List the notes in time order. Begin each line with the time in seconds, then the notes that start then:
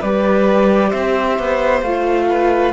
0.00 G3 G4 B4 D5
0.89 C4 C5 E5
1.39 B3
1.82 A3 F4 F5
2.29 B4